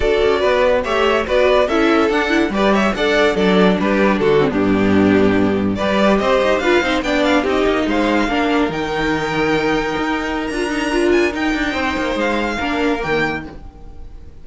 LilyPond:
<<
  \new Staff \with { instrumentName = "violin" } { \time 4/4 \tempo 4 = 143 d''2 e''4 d''4 | e''4 fis''4 d''8 e''8 fis''4 | d''4 b'4 a'8. g'4~ g'16~ | g'4.~ g'16 d''4 dis''4 f''16~ |
f''8. g''8 f''8 dis''4 f''4~ f''16~ | f''8. g''2.~ g''16~ | g''4 ais''4. gis''8 g''4~ | g''4 f''2 g''4 | }
  \new Staff \with { instrumentName = "violin" } { \time 4/4 a'4 b'4 cis''4 b'4 | a'2 b'8 cis''8 d''4 | a'4 g'4 fis'8. d'4~ d'16~ | d'4.~ d'16 b'4 c''4 b'16~ |
b'16 c''8 d''4 g'4 c''4 ais'16~ | ais'1~ | ais'1 | c''2 ais'2 | }
  \new Staff \with { instrumentName = "viola" } { \time 4/4 fis'2 g'4 fis'4 | e'4 d'8 e'8 g'4 a'4 | d'2~ d'8 c'16 b4~ b16~ | b4.~ b16 g'2 f'16~ |
f'16 dis'8 d'4 dis'2 d'16~ | d'8. dis'2.~ dis'16~ | dis'4 f'8 dis'8 f'4 dis'4~ | dis'2 d'4 ais4 | }
  \new Staff \with { instrumentName = "cello" } { \time 4/4 d'8 cis'8 b4 a4 b4 | cis'4 d'4 g4 d'4 | fis4 g4 d8. g,4~ g,16~ | g,4.~ g,16 g4 c'8 dis'8 d'16~ |
d'16 c'8 b4 c'8 ais8 gis4 ais16~ | ais8. dis2. dis'16~ | dis'4 d'2 dis'8 d'8 | c'8 ais8 gis4 ais4 dis4 | }
>>